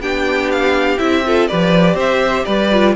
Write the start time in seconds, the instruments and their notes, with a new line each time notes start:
0.00 cello B3, viola D4, violin G4 G5
0.52 violin F5
0.98 cello C4, viola E4, violin E5
1.26 viola F4, violin A4
1.48 cello F3, viola G4, violin B4 D5
1.94 cello C4, violin C5 E5
2.45 cello G3, violin B4 D5
2.72 viola F4